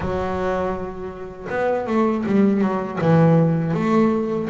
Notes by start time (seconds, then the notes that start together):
0.00 F#3
1.49 B3
1.86 A3
2.26 G3
2.61 F#3
3.01 E3
3.74 A3